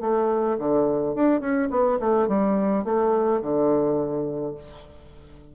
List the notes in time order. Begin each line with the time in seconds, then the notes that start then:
0.00 A3
0.58 D3
1.14 D4
1.40 C#4
1.70 B3
1.99 A3
2.27 G3
2.84 A3
3.41 D3